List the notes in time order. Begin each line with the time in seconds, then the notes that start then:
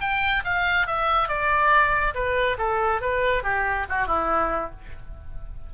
0.00 G5
0.44 F5
0.87 E5
1.28 D5
2.14 B4
2.58 A4
3.01 B4
3.43 G4
3.89 F#4
4.07 E4